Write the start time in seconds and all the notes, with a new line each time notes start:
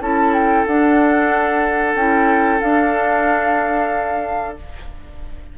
0.00 C#4 E4 A4 A5
0.33 G5
0.66 D4 F#5
1.95 C#4 E4 G5
2.60 D4 F5